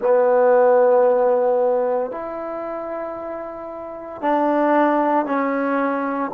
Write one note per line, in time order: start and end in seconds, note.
0.01 2.11 B3
2.11 4.21 E4
4.21 5.25 D4
5.25 6.31 C#4